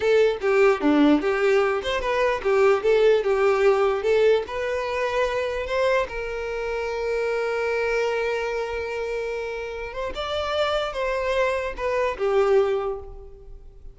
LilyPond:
\new Staff \with { instrumentName = "violin" } { \time 4/4 \tempo 4 = 148 a'4 g'4 d'4 g'4~ | g'8 c''8 b'4 g'4 a'4 | g'2 a'4 b'4~ | b'2 c''4 ais'4~ |
ais'1~ | ais'1~ | ais'8 c''8 d''2 c''4~ | c''4 b'4 g'2 | }